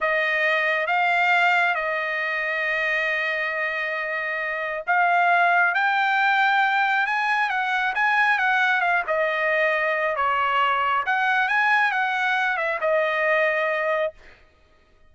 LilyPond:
\new Staff \with { instrumentName = "trumpet" } { \time 4/4 \tempo 4 = 136 dis''2 f''2 | dis''1~ | dis''2. f''4~ | f''4 g''2. |
gis''4 fis''4 gis''4 fis''4 | f''8 dis''2~ dis''8 cis''4~ | cis''4 fis''4 gis''4 fis''4~ | fis''8 e''8 dis''2. | }